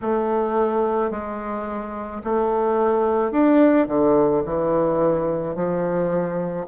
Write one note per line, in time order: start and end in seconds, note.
0.01 1.11 A3
1.11 2.22 G#3
2.24 3.31 A3
3.31 3.87 D4
3.87 4.42 D3
4.44 5.55 E3
5.55 6.66 F3